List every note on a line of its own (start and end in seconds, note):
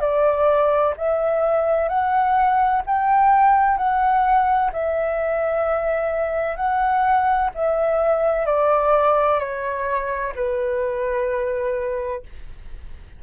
0.00 0.94 D5
0.97 1.88 E5
1.88 2.82 F#5
2.86 3.77 G5
3.77 4.71 F#5
4.73 6.56 E5
6.56 7.50 F#5
7.55 8.46 E5
8.46 9.39 D5
9.39 10.33 C#5
10.36 12.23 B4